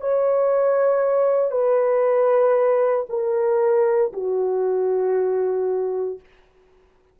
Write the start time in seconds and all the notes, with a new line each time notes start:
0.00 C#5
1.51 B4
3.08 A#4
4.12 F#4